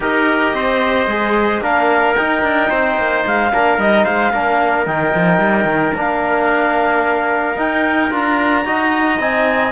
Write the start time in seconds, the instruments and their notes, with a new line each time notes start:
0.00 cello D#4, trombone G4, trumpet A#4, clarinet D#5
0.53 cello C4, trumpet C5
1.06 cello G#3, trombone G#4
1.61 cello A#3, trombone D4, trumpet A#4, clarinet F5
2.15 cello D#4, trombone D#4, clarinet G5
2.42 cello D4
2.69 cello C4, trumpet C5
2.97 cello A#3
3.25 cello G#3, clarinet F5
3.52 cello A#3, trombone D4, trumpet A#4
3.77 cello G3, trombone D#4, clarinet D#5
4.04 cello G#3, trumpet C5, clarinet F5
4.32 cello A#3, trombone D4, trumpet A#4
4.86 cello D#3, trombone D#4, clarinet G5
5.14 cello F3
5.38 cello G3
5.64 cello D#3
5.94 cello A#3, trombone D4, clarinet F5
7.55 trombone D#4, cello D#4, clarinet G5
8.10 cello D4, trombone F4, clarinet A#5
8.64 cello D#4, trombone F#4, trumpet D#5
9.18 cello C4, trombone D#4, clarinet G#5